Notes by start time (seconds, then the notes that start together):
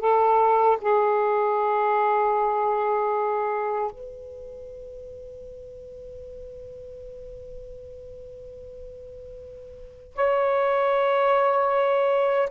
0.00 A4
0.82 G#4
3.91 B4
10.15 C#5